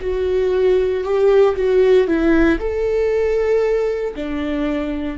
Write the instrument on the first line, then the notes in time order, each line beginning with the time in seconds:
viola
0.00 F#4
1.03 G4
1.55 F#4
2.07 E4
2.59 A4
4.15 D4